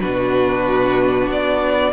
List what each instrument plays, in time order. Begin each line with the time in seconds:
0.00 cello B2, viola D4, violin F#4 B4
1.28 cello B3, violin D5